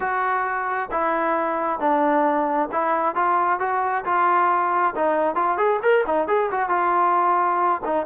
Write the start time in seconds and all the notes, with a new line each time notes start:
0.00 F#4
0.91 E4
1.79 D4
2.72 E4
3.15 F4
3.59 F#4
4.04 F4
4.95 D#4
5.35 F4
5.57 G#4
5.82 A#4
6.06 D#4
6.27 G#4
6.51 F#4
6.69 F4
7.85 D#4